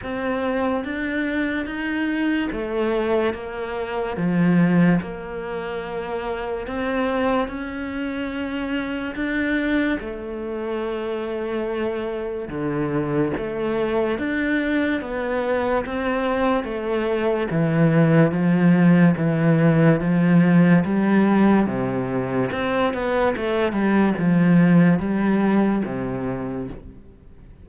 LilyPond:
\new Staff \with { instrumentName = "cello" } { \time 4/4 \tempo 4 = 72 c'4 d'4 dis'4 a4 | ais4 f4 ais2 | c'4 cis'2 d'4 | a2. d4 |
a4 d'4 b4 c'4 | a4 e4 f4 e4 | f4 g4 c4 c'8 b8 | a8 g8 f4 g4 c4 | }